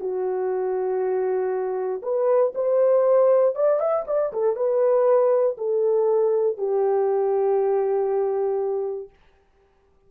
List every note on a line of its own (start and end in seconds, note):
0.00 2.02 F#4
2.03 2.53 B4
2.55 3.55 C5
3.55 3.80 D5
3.80 4.05 E5
4.07 4.32 D5
4.33 4.56 A4
4.56 5.57 B4
5.58 6.58 A4
6.58 9.10 G4